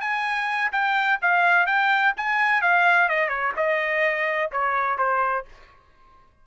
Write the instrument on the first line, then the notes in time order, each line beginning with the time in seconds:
trumpet
0.00 G#5
0.72 G5
1.21 F5
1.66 G5
2.16 G#5
2.61 F5
3.09 D#5
3.29 C#5
3.56 D#5
4.51 C#5
4.98 C5